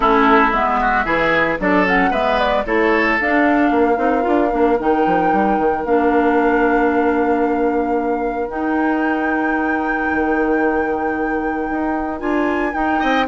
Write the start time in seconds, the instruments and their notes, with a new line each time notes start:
0.00 bassoon A3, clarinet C#4, oboe E4, flute A4
0.51 bassoon G#3, clarinet B3, flute E5
0.81 oboe F#4
1.04 bassoon E3, clarinet E4, oboe G#4
1.59 bassoon F#3, clarinet D4, oboe A4, flute D5
1.85 clarinet C#4, flute F#5
2.10 bassoon G#3, clarinet B3, oboe B4, flute E5
2.38 flute D5
2.65 bassoon A3, clarinet E4, oboe A4, flute C#5
3.20 bassoon D4, clarinet D4, flute F5
3.70 bassoon A#3, oboe A#4
3.95 bassoon C4, clarinet D#4
4.21 bassoon D4, clarinet F4
4.50 bassoon A#3, clarinet D4
4.79 bassoon D#3, clarinet D#4, flute G5
5.06 bassoon F3
5.32 bassoon G3
5.58 bassoon D#3
5.84 bassoon A#3, clarinet D4, flute F5
8.48 clarinet D#4, bassoon D#4, flute G5
10.11 bassoon D#3
11.70 bassoon D#4
12.19 bassoon D4, clarinet F4, flute G#5
12.72 clarinet D#4, bassoon D#4, flute G5
12.99 bassoon C4, oboe D#5